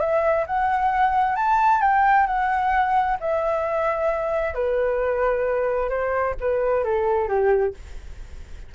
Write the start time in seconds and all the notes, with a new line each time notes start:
0.00 E5
0.47 F#5
1.36 A5
1.82 G5
2.27 F#5
3.20 E5
4.54 B4
5.89 C5
6.40 B4
6.84 A4
7.29 G4